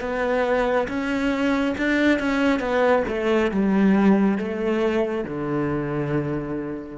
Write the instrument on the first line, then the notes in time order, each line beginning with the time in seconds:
cello
0.00 B3
0.88 C#4
1.77 D4
2.19 C#4
2.59 B3
3.08 A3
3.51 G3
4.38 A3
5.24 D3